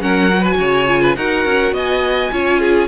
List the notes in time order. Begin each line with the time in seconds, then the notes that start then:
0.00 F#3 C#4 A#4 F#5
0.31 F#4
0.40 B4 G#5
0.59 C#3 C#5
0.87 F4
1.01 B4
1.16 D#4 F#4 A#4 F#5
1.45 C#4
1.72 B3 D#5 G#5
2.32 C#4 F4 C#5
2.59 G#4